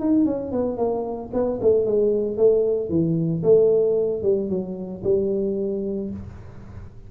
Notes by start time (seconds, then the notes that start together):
0.00 D#4
0.25 C#4
0.52 B3
0.77 A#3
1.33 B3
1.61 A3
1.86 G#3
2.37 A3
2.89 E3
3.43 A3
4.23 G3
4.49 F#3
5.04 G3